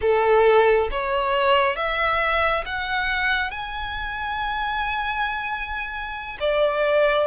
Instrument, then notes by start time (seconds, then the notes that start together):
violin
0.01 A4
0.91 C#5
1.76 E5
2.65 F#5
3.51 G#5
6.40 D5